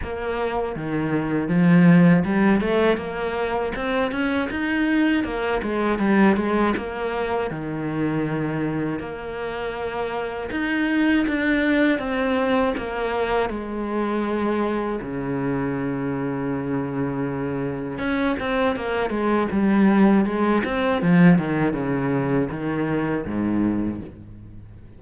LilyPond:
\new Staff \with { instrumentName = "cello" } { \time 4/4 \tempo 4 = 80 ais4 dis4 f4 g8 a8 | ais4 c'8 cis'8 dis'4 ais8 gis8 | g8 gis8 ais4 dis2 | ais2 dis'4 d'4 |
c'4 ais4 gis2 | cis1 | cis'8 c'8 ais8 gis8 g4 gis8 c'8 | f8 dis8 cis4 dis4 gis,4 | }